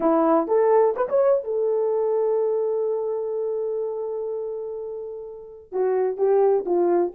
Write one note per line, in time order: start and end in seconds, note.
0.00 0.47 E4
0.47 0.95 A4
0.96 1.08 B4
1.08 1.44 C#5
1.44 5.71 A4
5.71 6.17 F#4
6.17 6.64 G4
6.65 7.13 F4